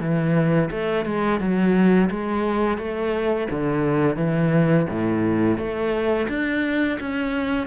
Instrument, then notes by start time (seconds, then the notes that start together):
cello
0.00 E3
0.70 A3
1.05 G#3
1.40 F#3
2.10 G#3
2.77 A3
3.51 D3
4.16 E3
4.90 A2
5.58 A3
6.29 D4
7.00 C#4